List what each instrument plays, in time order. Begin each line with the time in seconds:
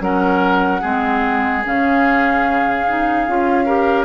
0.00 bassoon F#3, clarinet C#4, oboe A#4, flute F#5
0.81 bassoon G#3, clarinet C4, oboe G#4
1.64 bassoon C#3, clarinet C#4, flute F5
2.87 clarinet D#4
3.27 bassoon C#4, clarinet F4
3.65 clarinet G4, oboe A#4